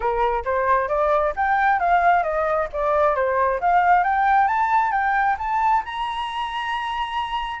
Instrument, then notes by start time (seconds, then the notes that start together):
flute
0.00 A#4
0.45 C5
0.88 D5
1.36 G5
1.79 F5
2.23 D#5
2.73 D5
3.15 C5
3.60 F5
4.03 G5
4.47 A5
4.91 G5
5.38 A5
5.85 A#5